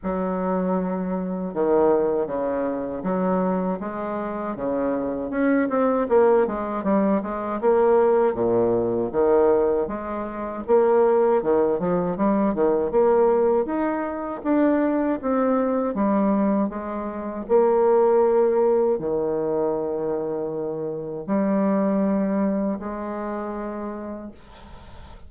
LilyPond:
\new Staff \with { instrumentName = "bassoon" } { \time 4/4 \tempo 4 = 79 fis2 dis4 cis4 | fis4 gis4 cis4 cis'8 c'8 | ais8 gis8 g8 gis8 ais4 ais,4 | dis4 gis4 ais4 dis8 f8 |
g8 dis8 ais4 dis'4 d'4 | c'4 g4 gis4 ais4~ | ais4 dis2. | g2 gis2 | }